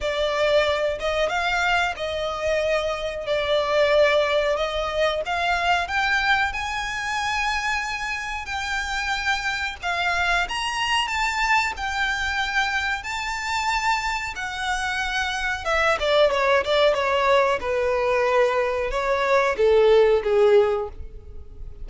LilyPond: \new Staff \with { instrumentName = "violin" } { \time 4/4 \tempo 4 = 92 d''4. dis''8 f''4 dis''4~ | dis''4 d''2 dis''4 | f''4 g''4 gis''2~ | gis''4 g''2 f''4 |
ais''4 a''4 g''2 | a''2 fis''2 | e''8 d''8 cis''8 d''8 cis''4 b'4~ | b'4 cis''4 a'4 gis'4 | }